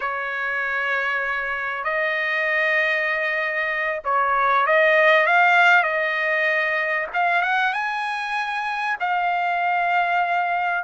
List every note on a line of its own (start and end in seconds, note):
0.00 1.84 C#5
1.84 4.00 D#5
4.04 4.66 C#5
4.66 5.26 D#5
5.26 5.83 F5
5.83 7.07 D#5
7.13 7.42 F5
7.42 7.73 F#5
7.73 8.96 G#5
8.99 10.84 F5